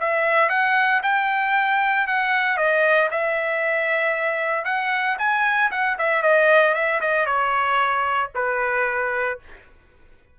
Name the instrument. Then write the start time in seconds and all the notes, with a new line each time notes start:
trumpet
0.00 E5
0.49 F#5
1.03 G5
2.07 F#5
2.57 D#5
3.11 E5
4.65 F#5
5.19 G#5
5.71 F#5
5.99 E5
6.23 D#5
6.74 E5
7.01 D#5
7.26 C#5
8.35 B4